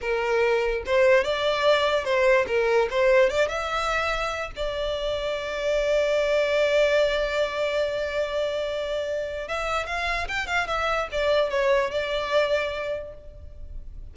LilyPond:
\new Staff \with { instrumentName = "violin" } { \time 4/4 \tempo 4 = 146 ais'2 c''4 d''4~ | d''4 c''4 ais'4 c''4 | d''8 e''2~ e''8 d''4~ | d''1~ |
d''1~ | d''2. e''4 | f''4 g''8 f''8 e''4 d''4 | cis''4 d''2. | }